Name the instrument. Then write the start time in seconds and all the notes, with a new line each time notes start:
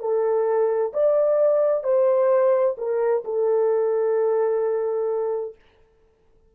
horn
0.00 A4
0.93 D5
1.84 C5
2.77 A#4
3.24 A4